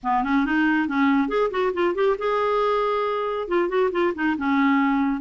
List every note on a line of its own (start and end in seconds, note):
0.03 0.23 B3
0.23 0.45 C#4
0.45 0.87 D#4
0.87 1.28 C#4
1.28 1.50 G#4
1.50 1.72 F#4
1.73 1.94 F4
1.94 2.16 G4
2.18 3.48 G#4
3.48 3.68 F4
3.68 3.90 F#4
3.91 4.13 F4
4.14 4.36 D#4
4.37 5.21 C#4